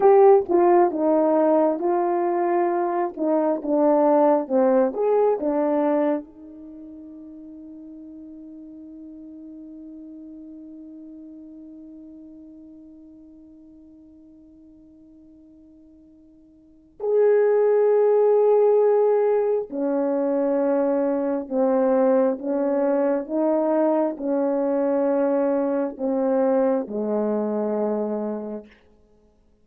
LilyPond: \new Staff \with { instrumentName = "horn" } { \time 4/4 \tempo 4 = 67 g'8 f'8 dis'4 f'4. dis'8 | d'4 c'8 gis'8 d'4 dis'4~ | dis'1~ | dis'1~ |
dis'2. gis'4~ | gis'2 cis'2 | c'4 cis'4 dis'4 cis'4~ | cis'4 c'4 gis2 | }